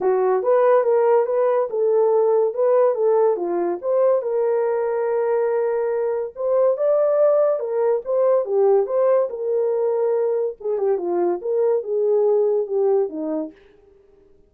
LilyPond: \new Staff \with { instrumentName = "horn" } { \time 4/4 \tempo 4 = 142 fis'4 b'4 ais'4 b'4 | a'2 b'4 a'4 | f'4 c''4 ais'2~ | ais'2. c''4 |
d''2 ais'4 c''4 | g'4 c''4 ais'2~ | ais'4 gis'8 g'8 f'4 ais'4 | gis'2 g'4 dis'4 | }